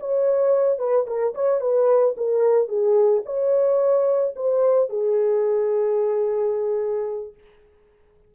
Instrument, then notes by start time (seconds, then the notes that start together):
horn
0.00 C#5
0.79 B4
1.07 A#4
1.35 C#5
1.61 B4
2.17 A#4
2.68 G#4
3.26 C#5
4.36 C5
4.89 G#4